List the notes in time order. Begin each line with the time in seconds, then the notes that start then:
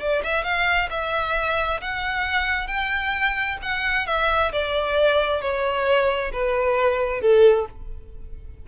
0.00 D5
0.23 E5
0.44 F5
0.90 E5
1.81 F#5
2.67 G5
3.62 F#5
4.07 E5
4.52 D5
5.41 C#5
6.33 B4
7.21 A4